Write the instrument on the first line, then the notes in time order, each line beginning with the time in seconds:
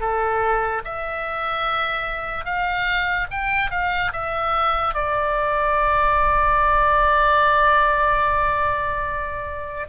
oboe
0.00 A4
0.84 E5
2.45 F5
3.30 G5
3.71 F5
4.12 E5
4.94 D5